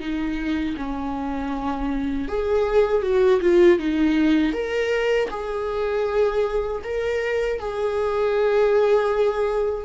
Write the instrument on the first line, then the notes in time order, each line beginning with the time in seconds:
viola
0.00 D#4
0.77 C#4
2.29 G#4
3.02 F#4
3.41 F4
3.79 D#4
4.53 A#4
5.31 G#4
6.84 A#4
7.60 G#4